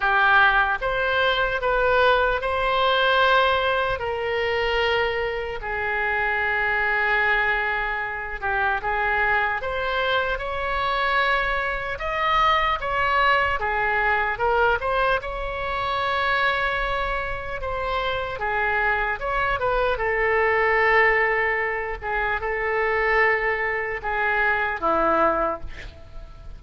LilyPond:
\new Staff \with { instrumentName = "oboe" } { \time 4/4 \tempo 4 = 75 g'4 c''4 b'4 c''4~ | c''4 ais'2 gis'4~ | gis'2~ gis'8 g'8 gis'4 | c''4 cis''2 dis''4 |
cis''4 gis'4 ais'8 c''8 cis''4~ | cis''2 c''4 gis'4 | cis''8 b'8 a'2~ a'8 gis'8 | a'2 gis'4 e'4 | }